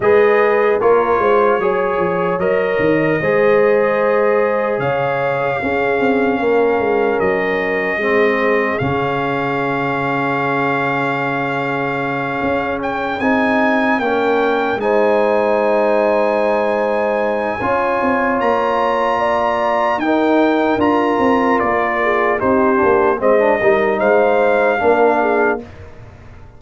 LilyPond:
<<
  \new Staff \with { instrumentName = "trumpet" } { \time 4/4 \tempo 4 = 75 dis''4 cis''2 dis''4~ | dis''2 f''2~ | f''4 dis''2 f''4~ | f''1 |
g''8 gis''4 g''4 gis''4.~ | gis''2. ais''4~ | ais''4 g''4 ais''4 d''4 | c''4 dis''4 f''2 | }
  \new Staff \with { instrumentName = "horn" } { \time 4/4 b'4 ais'8 c''8 cis''2 | c''2 cis''4 gis'4 | ais'2 gis'2~ | gis'1~ |
gis'4. ais'4 c''4.~ | c''2 cis''2 | d''4 ais'2~ ais'8 gis'8 | g'4 c''8 ais'8 c''4 ais'8 gis'8 | }
  \new Staff \with { instrumentName = "trombone" } { \time 4/4 gis'4 f'4 gis'4 ais'4 | gis'2. cis'4~ | cis'2 c'4 cis'4~ | cis'1~ |
cis'8 dis'4 cis'4 dis'4.~ | dis'2 f'2~ | f'4 dis'4 f'2 | dis'8 d'8 c'16 d'16 dis'4. d'4 | }
  \new Staff \with { instrumentName = "tuba" } { \time 4/4 gis4 ais8 gis8 fis8 f8 fis8 dis8 | gis2 cis4 cis'8 c'8 | ais8 gis8 fis4 gis4 cis4~ | cis2.~ cis8 cis'8~ |
cis'8 c'4 ais4 gis4.~ | gis2 cis'8 c'8 ais4~ | ais4 dis'4 d'8 c'8 ais4 | c'8 ais8 gis8 g8 gis4 ais4 | }
>>